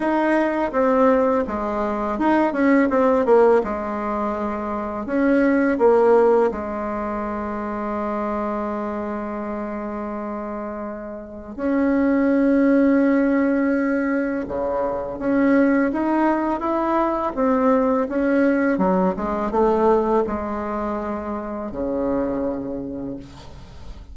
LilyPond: \new Staff \with { instrumentName = "bassoon" } { \time 4/4 \tempo 4 = 83 dis'4 c'4 gis4 dis'8 cis'8 | c'8 ais8 gis2 cis'4 | ais4 gis2.~ | gis1 |
cis'1 | cis4 cis'4 dis'4 e'4 | c'4 cis'4 fis8 gis8 a4 | gis2 cis2 | }